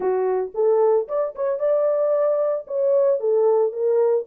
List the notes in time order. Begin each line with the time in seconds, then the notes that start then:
0.00 F#4
0.54 A4
1.07 D5
1.35 C#5
1.59 D5
2.67 C#5
3.20 A4
3.72 A#4